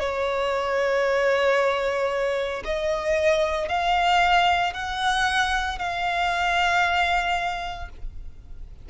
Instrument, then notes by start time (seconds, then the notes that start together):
violin
0.00 C#5
2.65 D#5
3.69 F5
4.74 F#5
5.79 F5